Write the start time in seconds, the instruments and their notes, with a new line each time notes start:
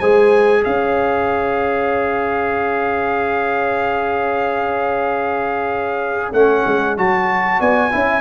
0.00 tuba G#3, trombone G#4, horn C5, trumpet G#5
0.62 tuba C#4, horn C#5, trumpet F5
6.32 tuba A3, trombone C#4, trumpet F#5
6.66 tuba G#3
6.97 tuba F#3, trombone F#4, trumpet A5
7.60 tuba B3, horn D5, trumpet G#5
7.91 tuba C#4, trombone E4, horn E5